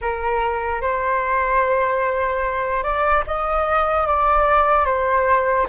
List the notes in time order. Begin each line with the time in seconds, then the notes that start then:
0.01 A#4
0.81 C5
2.83 D5
3.27 D#5
4.06 D5
4.85 C5